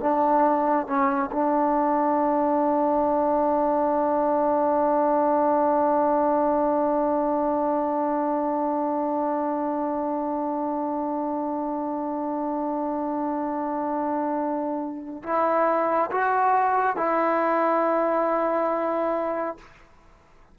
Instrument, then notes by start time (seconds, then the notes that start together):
trombone
0.00 D4
0.87 C#4
1.32 D4
15.23 E4
16.11 F#4
16.96 E4